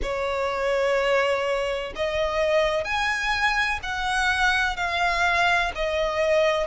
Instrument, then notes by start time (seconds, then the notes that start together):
violin
0.02 C#5
1.95 D#5
2.84 G#5
3.82 F#5
4.76 F5
5.75 D#5